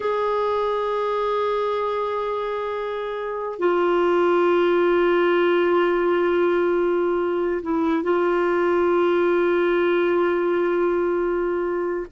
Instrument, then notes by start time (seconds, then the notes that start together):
clarinet
0.00 G#4
3.58 F4
7.62 E4
8.03 F4